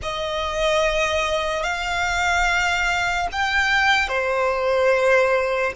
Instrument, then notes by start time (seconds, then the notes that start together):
violin
0.02 D#5
1.63 F5
3.31 G5
4.08 C5